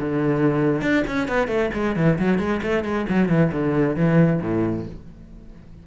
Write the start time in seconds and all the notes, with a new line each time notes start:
0.00 D3
0.82 D4
1.08 C#4
1.28 B3
1.48 A3
1.74 G#3
1.96 E3
2.19 F#3
2.39 G#3
2.63 A3
2.84 G#3
3.09 F#3
3.29 E3
3.52 D3
3.96 E3
4.42 A2